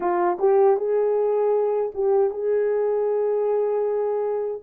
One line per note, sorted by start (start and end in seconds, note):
0.00 0.37 F4
0.38 0.76 G4
0.76 1.92 G#4
1.94 2.30 G4
2.30 4.61 G#4